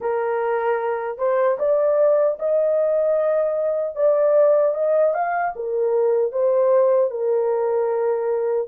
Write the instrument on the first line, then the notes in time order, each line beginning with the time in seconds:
horn
0.00 A#4
1.18 C5
1.59 D5
2.39 D#5
3.95 D5
4.74 D#5
5.14 F5
5.55 A#4
6.32 C5
7.10 A#4